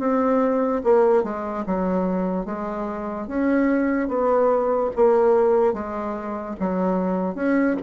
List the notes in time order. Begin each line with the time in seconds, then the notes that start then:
0.00 C4
0.84 A#3
1.24 G#3
1.67 F#3
2.46 G#3
3.28 C#4
4.09 B3
4.96 A#3
5.73 G#3
6.60 F#3
7.35 C#4